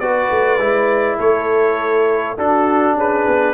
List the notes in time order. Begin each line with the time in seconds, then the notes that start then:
0.00 B3 F#4 B4 D5
0.30 A3
0.58 G#3 E4
1.18 A3 A4 C#5
2.37 D4 F#4 A4
2.95 C#4 G#4 B4
3.27 B3